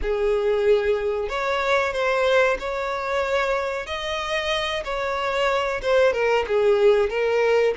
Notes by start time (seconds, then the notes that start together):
0.01 G#4
1.28 C#5
1.92 C5
2.59 C#5
3.86 D#5
4.84 C#5
5.82 C5
6.13 A#4
6.47 G#4
7.09 A#4